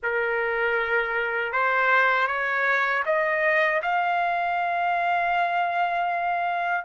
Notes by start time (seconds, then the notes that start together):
0.02 A#4
1.52 C5
2.27 C#5
3.05 D#5
3.82 F5